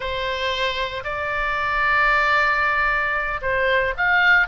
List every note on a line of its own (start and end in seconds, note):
0.00 1.03 C5
1.04 3.40 D5
3.41 3.94 C5
3.97 4.47 F5